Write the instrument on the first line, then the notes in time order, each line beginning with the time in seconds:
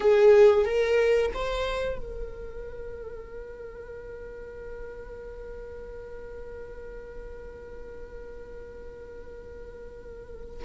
viola
0.00 G#4
0.65 A#4
1.34 C5
1.98 A#4